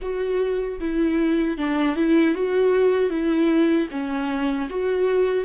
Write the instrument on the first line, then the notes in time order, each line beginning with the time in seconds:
viola
0.01 F#4
0.80 E4
1.57 D4
1.96 E4
2.34 F#4
3.10 E4
3.91 C#4
4.69 F#4